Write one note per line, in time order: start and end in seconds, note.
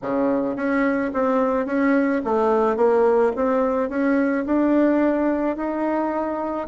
0.02 0.56 C#3
0.56 1.11 C#4
1.13 1.66 C4
1.66 2.21 C#4
2.24 2.76 A3
2.76 3.32 A#3
3.36 3.89 C4
3.89 4.44 C#4
4.46 5.56 D4
5.56 6.67 D#4